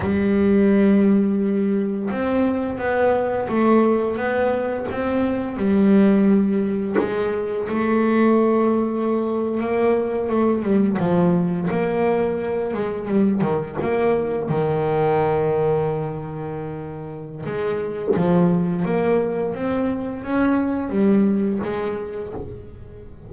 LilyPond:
\new Staff \with { instrumentName = "double bass" } { \time 4/4 \tempo 4 = 86 g2. c'4 | b4 a4 b4 c'4 | g2 gis4 a4~ | a4.~ a16 ais4 a8 g8 f16~ |
f8. ais4. gis8 g8 dis8 ais16~ | ais8. dis2.~ dis16~ | dis4 gis4 f4 ais4 | c'4 cis'4 g4 gis4 | }